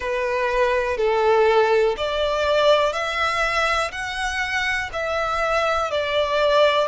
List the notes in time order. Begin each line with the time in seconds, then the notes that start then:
0.00 B4
0.97 A4
1.97 D5
2.92 E5
3.91 F#5
4.92 E5
5.90 D5